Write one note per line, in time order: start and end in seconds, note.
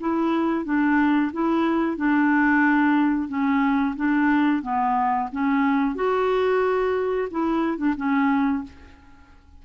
0.00 0.65 E4
0.65 1.32 D4
1.33 1.97 E4
1.97 3.29 D4
3.29 3.95 C#4
3.96 4.63 D4
4.63 5.29 B3
5.32 5.95 C#4
5.95 7.29 F#4
7.31 7.78 E4
7.78 7.95 D4
7.97 8.64 C#4